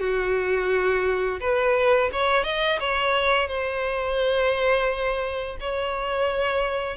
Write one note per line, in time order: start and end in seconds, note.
0.00 1.40 F#4
1.40 2.10 B4
2.12 2.44 C#5
2.44 2.79 D#5
2.80 3.48 C#5
3.48 5.57 C5
5.60 6.97 C#5